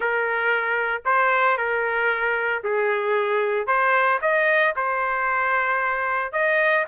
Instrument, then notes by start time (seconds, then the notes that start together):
trumpet
0.00 A#4
1.05 C5
1.57 A#4
2.63 G#4
3.66 C5
4.21 D#5
4.76 C5
6.32 D#5